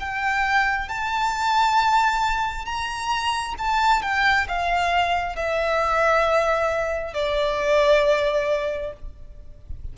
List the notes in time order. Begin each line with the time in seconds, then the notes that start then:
0.00 G5
0.89 A5
2.66 A#5
3.59 A5
4.03 G5
4.49 F5
5.36 E5
7.14 D5